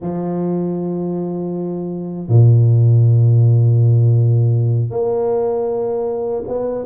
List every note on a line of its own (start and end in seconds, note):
0.01 2.28 F3
2.28 4.90 A#2
4.90 6.42 A#3
6.47 6.85 B3